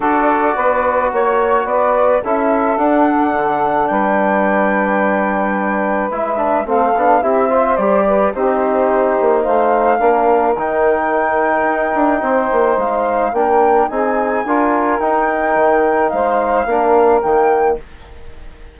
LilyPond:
<<
  \new Staff \with { instrumentName = "flute" } { \time 4/4 \tempo 4 = 108 d''2 cis''4 d''4 | e''4 fis''2 g''4~ | g''2. e''4 | f''4 e''4 d''4 c''4~ |
c''4 f''2 g''4~ | g''2. f''4 | g''4 gis''2 g''4~ | g''4 f''2 g''4 | }
  \new Staff \with { instrumentName = "saxophone" } { \time 4/4 a'4 b'4 cis''4 b'4 | a'2. b'4~ | b'1 | a'4 g'8 c''4 b'8 g'4~ |
g'4 c''4 ais'2~ | ais'2 c''2 | ais'4 gis'4 ais'2~ | ais'4 c''4 ais'2 | }
  \new Staff \with { instrumentName = "trombone" } { \time 4/4 fis'1 | e'4 d'2.~ | d'2. e'8 d'8 | c'8 d'8 e'8 f'8 g'4 dis'4~ |
dis'2 d'4 dis'4~ | dis'1 | d'4 dis'4 f'4 dis'4~ | dis'2 d'4 ais4 | }
  \new Staff \with { instrumentName = "bassoon" } { \time 4/4 d'4 b4 ais4 b4 | cis'4 d'4 d4 g4~ | g2. gis4 | a8 b8 c'4 g4 c'4~ |
c'8 ais8 a4 ais4 dis4~ | dis4 dis'8 d'8 c'8 ais8 gis4 | ais4 c'4 d'4 dis'4 | dis4 gis4 ais4 dis4 | }
>>